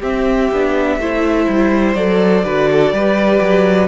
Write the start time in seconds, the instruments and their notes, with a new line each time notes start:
0.00 cello C4, viola C4, violin G4 E5
0.52 cello B3, viola D4
0.99 cello A3, viola E4, violin C5
1.49 cello G3
1.96 cello F#3, viola A4, violin D5
2.45 cello D3, viola F#4, violin B4
2.72 violin A4
2.92 cello G3, viola G4, violin B4
3.42 cello F#3